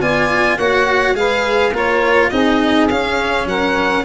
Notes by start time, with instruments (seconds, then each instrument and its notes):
0.00 tuba B3, cello F4, saxophone D5, violin G#5
0.56 tuba A#3, cello F#4, saxophone C#5, violin F#5
1.14 tuba G#3, cello G#4, saxophone B4, violin F5
1.72 tuba A#3, cello F4, saxophone A#4, violin C#5
2.29 tuba C4, cello D#4, saxophone G#4, violin D#5
2.89 tuba C#4, cello C#4, violin F5
3.45 tuba F#3, saxophone A#4, violin F#5